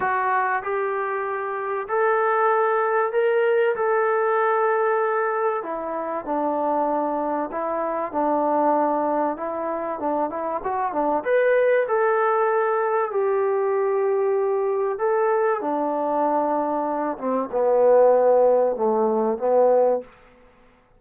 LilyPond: \new Staff \with { instrumentName = "trombone" } { \time 4/4 \tempo 4 = 96 fis'4 g'2 a'4~ | a'4 ais'4 a'2~ | a'4 e'4 d'2 | e'4 d'2 e'4 |
d'8 e'8 fis'8 d'8 b'4 a'4~ | a'4 g'2. | a'4 d'2~ d'8 c'8 | b2 a4 b4 | }